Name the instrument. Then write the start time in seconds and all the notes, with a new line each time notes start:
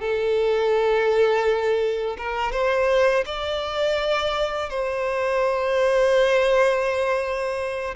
violin
0.00 A4
2.18 A#4
2.52 C5
3.26 D5
4.70 C5